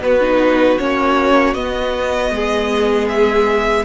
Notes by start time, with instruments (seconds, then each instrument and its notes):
0.00 cello B3, viola B3, violin F#4 B4
0.21 viola D#4
0.79 cello A#3, viola C#4, violin C#5
1.54 cello B3, viola B3, violin D#5
2.31 cello G#3, violin G#4
3.09 violin E5